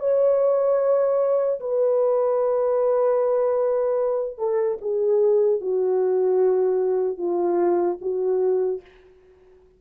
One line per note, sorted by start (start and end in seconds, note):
0.00 1.60 C#5
1.60 4.38 B4
4.38 4.78 A4
4.81 5.61 G#4
5.61 7.18 F#4
7.18 7.98 F4
8.01 8.81 F#4